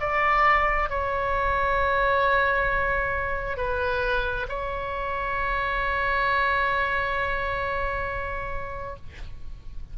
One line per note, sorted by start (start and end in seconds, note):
0.00 0.90 D5
0.90 3.57 C#5
3.57 4.47 B4
4.49 8.96 C#5